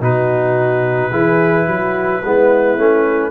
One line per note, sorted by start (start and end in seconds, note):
0.00 1.11 B2
0.00 1.11 D#4
0.00 1.11 F#4
0.00 3.30 B4
1.11 1.67 E3
1.11 2.22 E4
1.11 1.66 G#4
1.66 2.23 F#3
1.66 2.21 F#4
2.24 2.77 G#3
2.24 2.78 B3
2.24 3.30 E4
2.77 3.30 A3
2.77 3.30 C#4